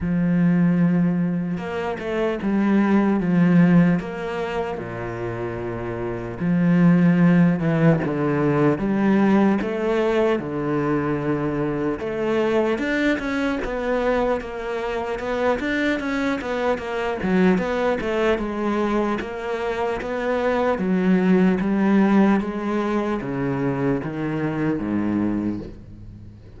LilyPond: \new Staff \with { instrumentName = "cello" } { \time 4/4 \tempo 4 = 75 f2 ais8 a8 g4 | f4 ais4 ais,2 | f4. e8 d4 g4 | a4 d2 a4 |
d'8 cis'8 b4 ais4 b8 d'8 | cis'8 b8 ais8 fis8 b8 a8 gis4 | ais4 b4 fis4 g4 | gis4 cis4 dis4 gis,4 | }